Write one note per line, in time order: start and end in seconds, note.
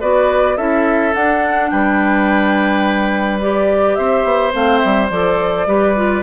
0.00 0.57 B3
0.00 0.58 F#4
0.00 0.57 B4
0.00 0.57 D5
0.57 1.14 C#4
0.57 1.13 E4
0.57 1.70 A4
0.57 1.14 E5
1.13 3.40 D4
1.13 1.71 D4
1.13 1.70 F#5
1.70 3.98 G3
1.70 3.98 B4
1.70 3.40 G5
3.41 4.52 G4
3.41 3.95 D5
3.95 4.24 C4
3.95 5.67 C5
3.95 4.52 E5
4.24 4.52 B3
4.52 4.83 A3
4.52 5.09 C4
4.52 4.79 F5
4.79 5.10 G3
4.79 5.07 E5
5.10 5.67 F3
5.10 5.68 A4
5.10 6.23 D5
5.67 6.23 G3
5.67 5.96 G4
5.67 6.23 B4
5.96 6.23 F4